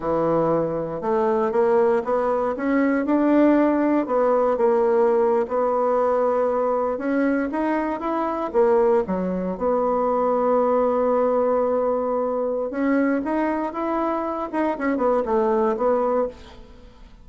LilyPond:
\new Staff \with { instrumentName = "bassoon" } { \time 4/4 \tempo 4 = 118 e2 a4 ais4 | b4 cis'4 d'2 | b4 ais4.~ ais16 b4~ b16~ | b4.~ b16 cis'4 dis'4 e'16~ |
e'8. ais4 fis4 b4~ b16~ | b1~ | b4 cis'4 dis'4 e'4~ | e'8 dis'8 cis'8 b8 a4 b4 | }